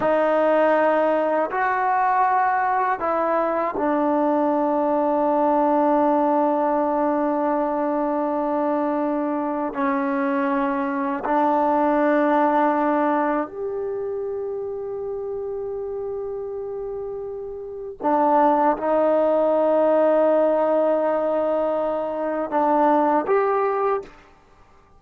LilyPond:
\new Staff \with { instrumentName = "trombone" } { \time 4/4 \tempo 4 = 80 dis'2 fis'2 | e'4 d'2.~ | d'1~ | d'4 cis'2 d'4~ |
d'2 g'2~ | g'1 | d'4 dis'2.~ | dis'2 d'4 g'4 | }